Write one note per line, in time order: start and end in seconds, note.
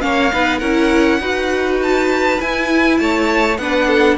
0.00 0.32 A#3
0.00 0.30 C#4
0.00 0.32 C#5
0.00 0.59 F5
0.32 0.62 B3
0.32 0.62 D#4
0.32 0.59 B4
0.59 1.20 C#4
0.59 1.21 E4
0.59 1.18 A#4
0.59 1.78 F#5
1.20 2.39 D#4
1.20 2.38 F#4
1.20 2.99 B4
1.83 2.41 A5
2.38 3.57 E4
2.38 3.00 E4
2.38 2.98 G#5
2.98 3.58 A3
2.98 3.60 C#5
2.98 3.57 A5
3.58 4.18 B3
3.58 4.18 D4
3.58 3.87 B4
3.58 4.17 F#5
3.87 4.17 A4